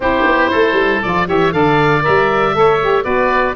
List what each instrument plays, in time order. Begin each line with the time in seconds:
0.00 tuba C4, saxophone E4, oboe G4 C5
0.24 tuba B3
0.50 tuba A3, oboe A4
0.72 tuba G3
1.02 tuba F3, saxophone F4, oboe D5
1.26 tuba E3, saxophone G4, oboe C#5 E5
1.51 tuba D3, saxophone A4, oboe D5 F5
2.01 saxophone A#4, oboe E5
2.08 tuba G3
2.54 tuba A3, saxophone A4, oboe C#5
2.82 saxophone G4
3.03 tuba B3, saxophone F#4, oboe B4 D5